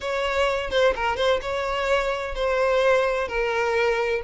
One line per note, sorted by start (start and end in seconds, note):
0.01 0.70 C#5
0.70 0.93 C5
0.95 1.16 A#4
1.16 1.40 C5
1.41 2.35 C#5
2.35 3.28 C5
3.28 4.21 A#4